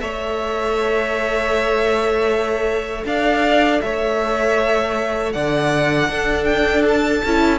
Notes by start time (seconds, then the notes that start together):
0.00 A3 A4 C#5 E5
3.05 D4 D5 F5
3.81 A3 C#5 E5
5.32 D3 D5 F#5
6.09 D4 A4
6.44 G5
6.88 A5
7.25 C#4 E4